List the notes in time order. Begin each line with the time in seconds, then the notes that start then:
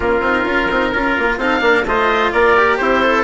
0.00 A#3 C#4 F4 A#4
0.21 C4 D#4
0.45 C#4 F4
0.70 C4 D#4
0.92 C#4 F4 A#4
1.18 A#3
1.37 C4 D#4 A4 F5
1.60 A#3 D4 A#4
1.85 A3 F4 C5 D#5
2.31 A#3 A#4 D5
2.57 G4
2.77 C4 E4 C5
3.02 A4